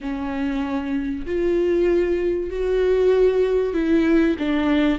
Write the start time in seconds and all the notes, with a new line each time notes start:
0.00 C#4
1.26 F4
2.50 F#4
3.73 E4
4.39 D4